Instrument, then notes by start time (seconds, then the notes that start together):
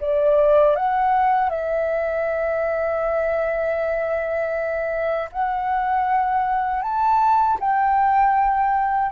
flute
0.00 D5
0.75 F#5
1.49 E5
5.32 F#5
6.82 A5
7.60 G5